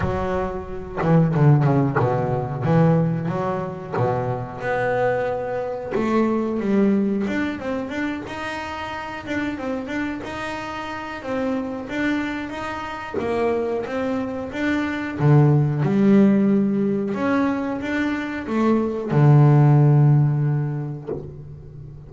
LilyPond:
\new Staff \with { instrumentName = "double bass" } { \time 4/4 \tempo 4 = 91 fis4. e8 d8 cis8 b,4 | e4 fis4 b,4 b4~ | b4 a4 g4 d'8 c'8 | d'8 dis'4. d'8 c'8 d'8 dis'8~ |
dis'4 c'4 d'4 dis'4 | ais4 c'4 d'4 d4 | g2 cis'4 d'4 | a4 d2. | }